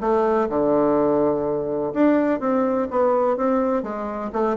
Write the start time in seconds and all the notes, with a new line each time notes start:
0.00 A3
0.49 D3
1.93 D4
2.40 C4
2.90 B3
3.36 C4
3.83 G#3
4.32 A3